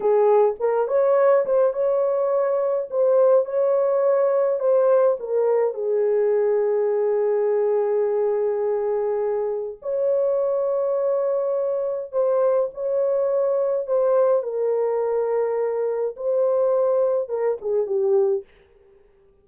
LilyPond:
\new Staff \with { instrumentName = "horn" } { \time 4/4 \tempo 4 = 104 gis'4 ais'8 cis''4 c''8 cis''4~ | cis''4 c''4 cis''2 | c''4 ais'4 gis'2~ | gis'1~ |
gis'4 cis''2.~ | cis''4 c''4 cis''2 | c''4 ais'2. | c''2 ais'8 gis'8 g'4 | }